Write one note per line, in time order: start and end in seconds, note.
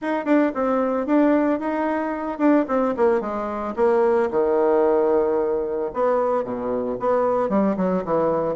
0.01 0.25 D#4
0.25 0.52 D4
0.54 1.06 C4
1.06 1.59 D4
1.59 2.38 D#4
2.38 2.65 D4
2.67 2.94 C4
2.97 3.20 A#3
3.20 3.74 G#3
3.76 4.29 A#3
4.30 5.91 D#3
5.93 6.43 B3
6.43 6.97 B2
6.99 7.49 B3
7.49 7.76 G3
7.77 8.03 F#3
8.05 8.55 E3